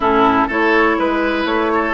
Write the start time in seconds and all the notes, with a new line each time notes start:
0.00 A2 C#4 E4 A4
0.47 A3 E4 A4 C#5
0.98 G#3 B4
1.45 A3 C#5
1.73 A4